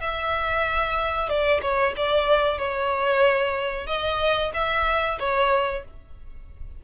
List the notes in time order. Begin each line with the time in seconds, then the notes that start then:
0.00 E5
1.29 D5
1.62 C#5
1.96 D5
2.58 C#5
3.87 D#5
4.54 E5
5.19 C#5